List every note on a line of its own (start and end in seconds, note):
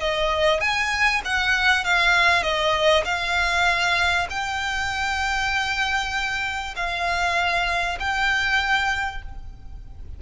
0.00 0.61 D#5
0.61 1.22 G#5
1.25 1.85 F#5
1.85 2.43 F5
2.43 3.04 D#5
3.05 4.27 F5
4.30 6.75 G5
6.76 7.99 F5
8.00 9.22 G5